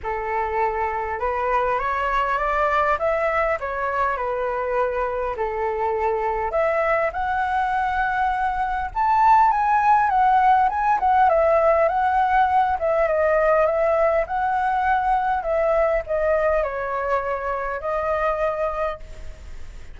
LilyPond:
\new Staff \with { instrumentName = "flute" } { \time 4/4 \tempo 4 = 101 a'2 b'4 cis''4 | d''4 e''4 cis''4 b'4~ | b'4 a'2 e''4 | fis''2. a''4 |
gis''4 fis''4 gis''8 fis''8 e''4 | fis''4. e''8 dis''4 e''4 | fis''2 e''4 dis''4 | cis''2 dis''2 | }